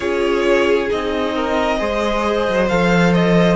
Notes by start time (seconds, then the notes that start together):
0.00 C#4 F4 G#4 C#5
0.89 C4 D#4 D#5
1.35 A#4
1.78 G#3 G#4 C5
2.48 F#3
2.68 F3 A4 F5
3.14 D#5